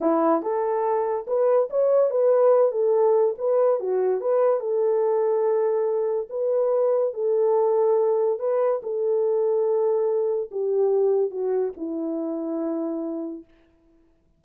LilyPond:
\new Staff \with { instrumentName = "horn" } { \time 4/4 \tempo 4 = 143 e'4 a'2 b'4 | cis''4 b'4. a'4. | b'4 fis'4 b'4 a'4~ | a'2. b'4~ |
b'4 a'2. | b'4 a'2.~ | a'4 g'2 fis'4 | e'1 | }